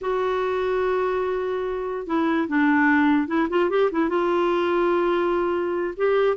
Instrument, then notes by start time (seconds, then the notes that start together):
clarinet
0.01 F#4
2.06 E4
2.48 D4
3.27 E4
3.49 F4
3.70 G4
3.91 E4
4.09 F4
5.96 G4